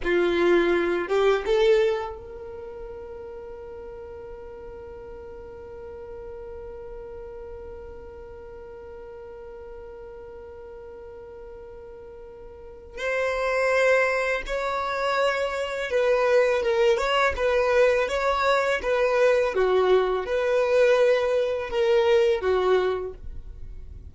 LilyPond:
\new Staff \with { instrumentName = "violin" } { \time 4/4 \tempo 4 = 83 f'4. g'8 a'4 ais'4~ | ais'1~ | ais'1~ | ais'1~ |
ais'2 c''2 | cis''2 b'4 ais'8 cis''8 | b'4 cis''4 b'4 fis'4 | b'2 ais'4 fis'4 | }